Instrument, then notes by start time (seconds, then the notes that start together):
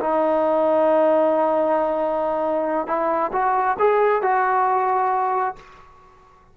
trombone
0.00 D#4
2.87 E4
3.33 F#4
3.79 G#4
4.22 F#4